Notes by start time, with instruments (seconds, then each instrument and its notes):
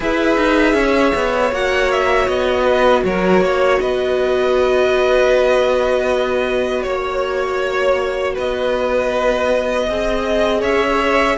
0.00 cello E4, viola G#4, violin B4 E5
0.37 cello D#4
0.74 cello C#4, violin C#5
1.15 cello B3
1.51 cello A#3, viola F#4, violin F#5
1.91 violin E5
2.28 cello B3, violin D#5
2.63 violin B4
3.04 cello F#3, violin A#4 C#5
3.41 cello A#3, violin C#5
3.80 cello B3, violin B4 D#5
6.82 cello A#3, violin C#5
8.34 cello B3, violin B4 D#5
9.86 cello C4, viola G#4, violin D#5
10.60 cello C#4, violin C#5 E5